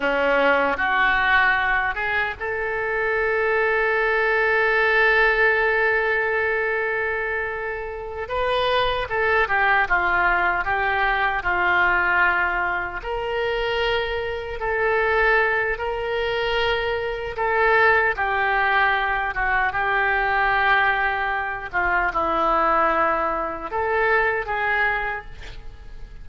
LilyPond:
\new Staff \with { instrumentName = "oboe" } { \time 4/4 \tempo 4 = 76 cis'4 fis'4. gis'8 a'4~ | a'1~ | a'2~ a'8 b'4 a'8 | g'8 f'4 g'4 f'4.~ |
f'8 ais'2 a'4. | ais'2 a'4 g'4~ | g'8 fis'8 g'2~ g'8 f'8 | e'2 a'4 gis'4 | }